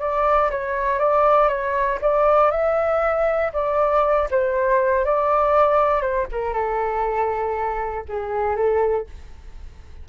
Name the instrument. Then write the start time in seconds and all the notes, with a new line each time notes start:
flute
0.00 D5
0.51 C#5
0.99 D5
1.48 C#5
2.02 D5
2.51 E5
3.53 D5
4.31 C5
5.05 D5
6.02 C5
6.32 A#4
6.54 A4
8.09 G#4
8.56 A4